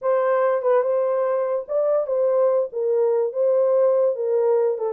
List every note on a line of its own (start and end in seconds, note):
0.01 0.62 C5
0.62 0.82 B4
0.82 1.65 C5
1.67 2.07 D5
2.07 2.69 C5
2.72 3.33 A#4
3.33 4.15 C5
4.15 4.77 A#4
4.78 4.93 A4